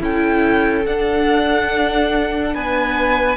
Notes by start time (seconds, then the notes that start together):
0.00 C#4 E4 A4 G5
0.86 D4 F#5
2.54 B3 B4 G#5